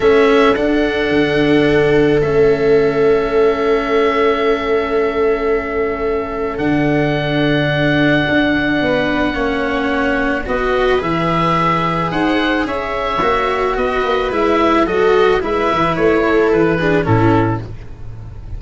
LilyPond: <<
  \new Staff \with { instrumentName = "oboe" } { \time 4/4 \tempo 4 = 109 e''4 fis''2. | e''1~ | e''1 | fis''1~ |
fis''2. dis''4 | e''2 fis''4 e''4~ | e''4 dis''4 e''4 dis''4 | e''4 cis''4 b'4 a'4 | }
  \new Staff \with { instrumentName = "viola" } { \time 4/4 a'1~ | a'1~ | a'1~ | a'1 |
b'4 cis''2 b'4~ | b'2 c''4 cis''4~ | cis''4 b'2 a'4 | b'4. a'4 gis'8 e'4 | }
  \new Staff \with { instrumentName = "cello" } { \time 4/4 cis'4 d'2. | cis'1~ | cis'1 | d'1~ |
d'4 cis'2 fis'4 | gis'1 | fis'2 e'4 fis'4 | e'2~ e'8 d'8 cis'4 | }
  \new Staff \with { instrumentName = "tuba" } { \time 4/4 a4 d'4 d2 | a1~ | a1 | d2. d'4 |
b4 ais2 b4 | e2 dis'4 cis'4 | ais4 b8 ais8 gis4 fis4 | gis8 e8 a4 e4 a,4 | }
>>